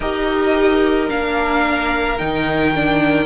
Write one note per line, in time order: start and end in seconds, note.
0.00 1.08 D#4
0.00 1.09 G4
0.00 3.25 A#4
0.00 1.09 D#5
1.09 2.19 A#3
1.09 2.18 D4
1.09 2.18 F5
2.18 3.25 D#3
2.18 2.72 D#4
2.18 3.25 G5
2.74 3.25 D4